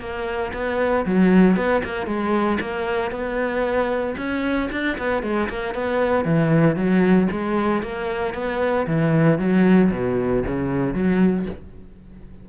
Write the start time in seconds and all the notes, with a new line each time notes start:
0.00 A#3
0.53 B3
1.06 F#3
1.57 B3
1.84 A#3
2.06 G#3
2.61 A#3
3.11 B3
4.17 C#4
4.71 D4
4.98 B3
5.23 G#3
5.49 A#3
5.74 B3
6.25 E3
6.76 F#3
7.31 G#3
7.82 A#3
8.34 B3
8.87 E3
9.39 F#3
9.92 B2
10.47 C#3
10.94 F#3